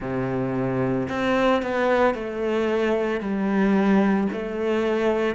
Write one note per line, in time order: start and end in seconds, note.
0.00 1.08 C3
1.08 1.62 C4
1.62 2.14 B3
2.14 3.20 A3
3.20 4.27 G3
4.32 5.35 A3